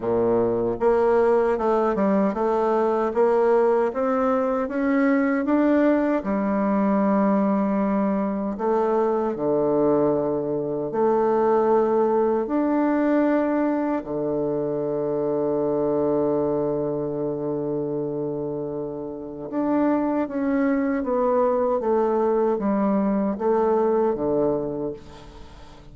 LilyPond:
\new Staff \with { instrumentName = "bassoon" } { \time 4/4 \tempo 4 = 77 ais,4 ais4 a8 g8 a4 | ais4 c'4 cis'4 d'4 | g2. a4 | d2 a2 |
d'2 d2~ | d1~ | d4 d'4 cis'4 b4 | a4 g4 a4 d4 | }